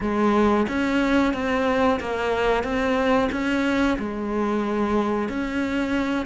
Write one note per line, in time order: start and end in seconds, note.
0.00 0.66 G#3
0.68 1.33 C#4
1.33 1.99 C4
2.00 2.63 A#3
2.63 3.29 C4
3.31 3.97 C#4
3.98 5.28 G#3
5.28 6.25 C#4